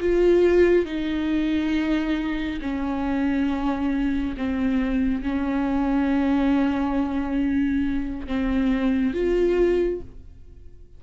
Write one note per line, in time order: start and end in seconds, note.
0.00 0.85 F4
0.85 2.59 D#4
2.61 4.35 C#4
4.37 5.22 C4
5.22 8.26 C#4
8.26 9.13 C4
9.13 10.00 F4